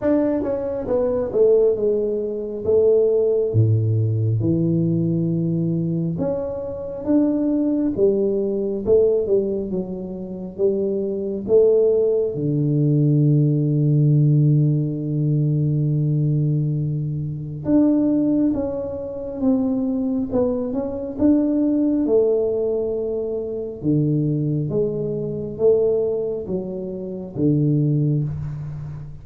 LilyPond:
\new Staff \with { instrumentName = "tuba" } { \time 4/4 \tempo 4 = 68 d'8 cis'8 b8 a8 gis4 a4 | a,4 e2 cis'4 | d'4 g4 a8 g8 fis4 | g4 a4 d2~ |
d1 | d'4 cis'4 c'4 b8 cis'8 | d'4 a2 d4 | gis4 a4 fis4 d4 | }